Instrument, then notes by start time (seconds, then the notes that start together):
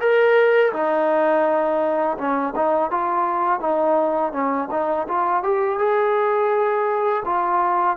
trombone
0.00 A#4
0.72 D#4
2.17 C#4
2.55 D#4
2.90 F4
3.59 D#4
4.32 C#4
4.71 D#4
5.08 F4
5.43 G4
5.78 G#4
7.25 F4